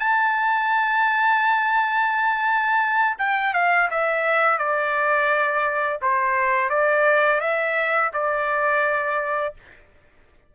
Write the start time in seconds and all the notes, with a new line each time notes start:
0.00 A5
3.19 G5
3.54 F5
3.90 E5
4.59 D5
6.02 C5
6.70 D5
7.41 E5
8.14 D5